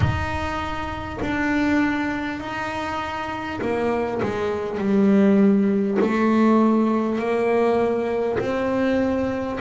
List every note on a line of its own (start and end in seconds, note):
0.00 1.18 D#4
1.21 2.39 D4
2.39 3.59 D#4
3.61 4.21 A#3
4.22 4.78 G#3
4.78 5.98 G3
6.01 7.18 A3
7.18 8.38 A#3
8.39 9.59 C4